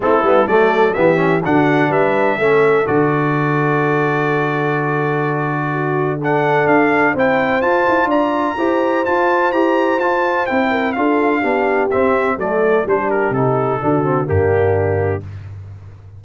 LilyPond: <<
  \new Staff \with { instrumentName = "trumpet" } { \time 4/4 \tempo 4 = 126 a'4 d''4 e''4 fis''4 | e''2 d''2~ | d''1~ | d''4 fis''4 f''4 g''4 |
a''4 ais''2 a''4 | ais''4 a''4 g''4 f''4~ | f''4 e''4 d''4 c''8 ais'8 | a'2 g'2 | }
  \new Staff \with { instrumentName = "horn" } { \time 4/4 e'4 a'4 g'4 fis'4 | b'4 a'2.~ | a'1 | fis'4 a'2 c''4~ |
c''4 d''4 c''2~ | c''2~ c''8 ais'8 a'4 | g'2 a'4 g'4~ | g'4 fis'4 d'2 | }
  \new Staff \with { instrumentName = "trombone" } { \time 4/4 c'8 b8 a4 b8 cis'8 d'4~ | d'4 cis'4 fis'2~ | fis'1~ | fis'4 d'2 e'4 |
f'2 g'4 f'4 | g'4 f'4 e'4 f'4 | d'4 c'4 a4 d'4 | dis'4 d'8 c'8 ais2 | }
  \new Staff \with { instrumentName = "tuba" } { \time 4/4 a8 g8 fis4 e4 d4 | g4 a4 d2~ | d1~ | d2 d'4 c'4 |
f'8 e'8 d'4 e'4 f'4 | e'4 f'4 c'4 d'4 | b4 c'4 fis4 g4 | c4 d4 g,2 | }
>>